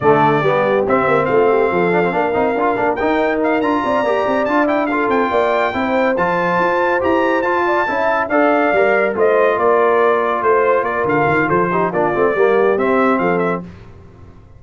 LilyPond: <<
  \new Staff \with { instrumentName = "trumpet" } { \time 4/4 \tempo 4 = 141 d''2 e''4 f''4~ | f''2. g''4 | f''8 ais''2 a''8 g''8 f''8 | g''2~ g''8 a''4.~ |
a''8 ais''4 a''2 f''8~ | f''4. dis''4 d''4.~ | d''8 c''4 d''8 f''4 c''4 | d''2 e''4 f''8 e''8 | }
  \new Staff \with { instrumentName = "horn" } { \time 4/4 a'4 g'2 f'8 g'8 | a'4 ais'2.~ | ais'4 d''2~ d''8 a'8~ | a'8 d''4 c''2~ c''8~ |
c''2 d''8 e''4 d''8~ | d''4. c''4 ais'4.~ | ais'8 c''4 ais'4. a'8 g'8 | f'4 g'2 a'4 | }
  \new Staff \with { instrumentName = "trombone" } { \time 4/4 a4 b4 c'2~ | c'8 d'16 c'16 d'8 dis'8 f'8 d'8 dis'4~ | dis'8 f'4 g'4 f'8 e'8 f'8~ | f'4. e'4 f'4.~ |
f'8 g'4 f'4 e'4 a'8~ | a'8 ais'4 f'2~ f'8~ | f'2.~ f'8 dis'8 | d'8 c'8 ais4 c'2 | }
  \new Staff \with { instrumentName = "tuba" } { \time 4/4 d4 g4 c'8 ais8 a4 | f4 ais8 c'8 d'8 ais8 dis'4~ | dis'8 d'8 c'8 ais8 c'8 d'4. | c'8 ais4 c'4 f4 f'8~ |
f'8 e'4 f'4 cis'4 d'8~ | d'8 g4 a4 ais4.~ | ais8 a4 ais8 d8 dis8 f4 | ais8 a8 g4 c'4 f4 | }
>>